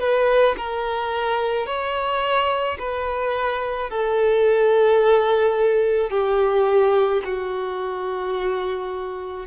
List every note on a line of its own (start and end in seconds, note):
0.00 0.56 B4
0.58 1.67 A#4
1.67 2.78 C#5
2.79 3.90 B4
3.90 6.11 A4
6.11 7.22 G4
7.25 9.47 F#4